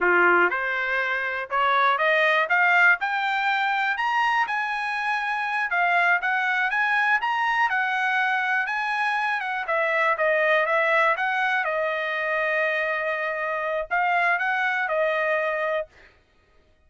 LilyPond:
\new Staff \with { instrumentName = "trumpet" } { \time 4/4 \tempo 4 = 121 f'4 c''2 cis''4 | dis''4 f''4 g''2 | ais''4 gis''2~ gis''8 f''8~ | f''8 fis''4 gis''4 ais''4 fis''8~ |
fis''4. gis''4. fis''8 e''8~ | e''8 dis''4 e''4 fis''4 dis''8~ | dis''1 | f''4 fis''4 dis''2 | }